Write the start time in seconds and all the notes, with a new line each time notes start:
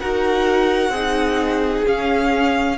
0.00 D#4 F#4 A#4 F#5
0.89 C4 D#4 G#4
1.86 C#4 F5